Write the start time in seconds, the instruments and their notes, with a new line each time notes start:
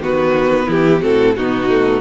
0.00 cello D#3, viola B3, violin F#4 B4
0.67 cello E3, violin E4 G4
1.01 cello A2, viola C4, violin F#4 A4
1.37 cello B2, viola B3, violin D#4 F#4
1.70 viola A3